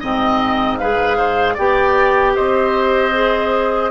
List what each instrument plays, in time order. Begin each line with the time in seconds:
0.00 bassoon G#2, clarinet C4, oboe D#5, flute D#5
0.77 clarinet G#4, oboe B4, flute F5
1.17 oboe C5
1.54 bassoon B3, clarinet G4, oboe D5, flute G5
2.35 bassoon C4, oboe C5, flute D#5
3.13 clarinet G#4